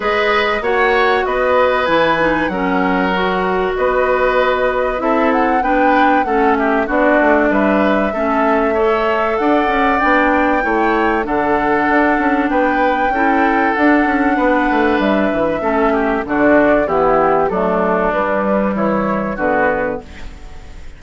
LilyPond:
<<
  \new Staff \with { instrumentName = "flute" } { \time 4/4 \tempo 4 = 96 dis''4 fis''4 dis''4 gis''4 | fis''2 dis''2 | e''8 fis''8 g''4 fis''8 e''8 d''4 | e''2. fis''4 |
g''2 fis''2 | g''2 fis''2 | e''2 d''4 g'4 | a'4 b'4 cis''4 b'4 | }
  \new Staff \with { instrumentName = "oboe" } { \time 4/4 b'4 cis''4 b'2 | ais'2 b'2 | a'4 b'4 a'8 g'8 fis'4 | b'4 a'4 cis''4 d''4~ |
d''4 cis''4 a'2 | b'4 a'2 b'4~ | b'4 a'8 g'8 fis'4 e'4 | d'2 e'4 fis'4 | }
  \new Staff \with { instrumentName = "clarinet" } { \time 4/4 gis'4 fis'2 e'8 dis'8 | cis'4 fis'2. | e'4 d'4 cis'4 d'4~ | d'4 cis'4 a'2 |
d'4 e'4 d'2~ | d'4 e'4 d'2~ | d'4 cis'4 d'4 b4 | a4 g2 b4 | }
  \new Staff \with { instrumentName = "bassoon" } { \time 4/4 gis4 ais4 b4 e4 | fis2 b2 | c'4 b4 a4 b8 a8 | g4 a2 d'8 cis'8 |
b4 a4 d4 d'8 cis'8 | b4 cis'4 d'8 cis'8 b8 a8 | g8 e8 a4 d4 e4 | fis4 g4 e4 d4 | }
>>